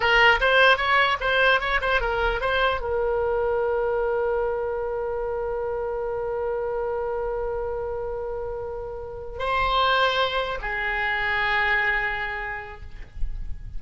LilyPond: \new Staff \with { instrumentName = "oboe" } { \time 4/4 \tempo 4 = 150 ais'4 c''4 cis''4 c''4 | cis''8 c''8 ais'4 c''4 ais'4~ | ais'1~ | ais'1~ |
ais'1~ | ais'2.~ ais'8 c''8~ | c''2~ c''8 gis'4.~ | gis'1 | }